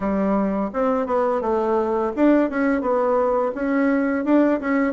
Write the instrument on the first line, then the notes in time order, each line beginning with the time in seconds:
bassoon
0.00 G3
0.73 C4
1.06 B3
1.41 A3
2.16 D4
2.49 C#4
2.81 B3
3.55 C#4
4.24 D4
4.60 C#4